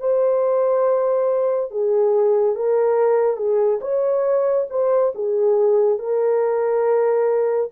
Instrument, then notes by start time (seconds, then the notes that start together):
horn
0.00 C5
1.71 G#4
2.56 A#4
3.37 G#4
3.81 C#5
4.70 C5
5.15 G#4
5.99 A#4